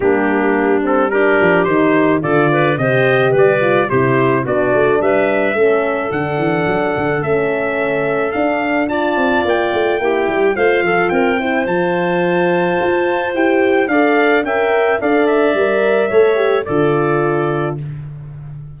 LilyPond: <<
  \new Staff \with { instrumentName = "trumpet" } { \time 4/4 \tempo 4 = 108 g'4. a'8 ais'4 c''4 | d''4 dis''4 d''4 c''4 | d''4 e''2 fis''4~ | fis''4 e''2 f''4 |
a''4 g''2 f''4 | g''4 a''2. | g''4 f''4 g''4 f''8 e''8~ | e''2 d''2 | }
  \new Staff \with { instrumentName = "clarinet" } { \time 4/4 d'2 g'2 | a'8 b'8 c''4 b'4 g'4 | fis'4 b'4 a'2~ | a'1 |
d''2 g'4 c''8 a'8 | ais'8 c''2.~ c''8~ | c''4 d''4 e''4 d''4~ | d''4 cis''4 a'2 | }
  \new Staff \with { instrumentName = "horn" } { \time 4/4 ais4. c'8 d'4 dis'4 | f'4 g'4. f'8 e'4 | d'2 cis'4 d'4~ | d'4 cis'2 d'4 |
f'2 e'4 f'4~ | f'8 e'8 f'2. | g'4 a'4 ais'4 a'4 | ais'4 a'8 g'8 f'2 | }
  \new Staff \with { instrumentName = "tuba" } { \time 4/4 g2~ g8 f8 dis4 | d4 c4 g4 c4 | b8 a8 g4 a4 d8 e8 | fis8 d8 a2 d'4~ |
d'8 c'8 ais8 a8 ais8 g8 a8 f8 | c'4 f2 f'4 | e'4 d'4 cis'4 d'4 | g4 a4 d2 | }
>>